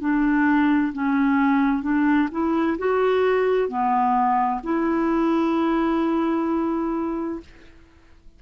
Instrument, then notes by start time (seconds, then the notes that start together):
clarinet
0.00 D4
0.93 C#4
1.82 D4
2.31 E4
2.78 F#4
3.68 B3
4.63 E4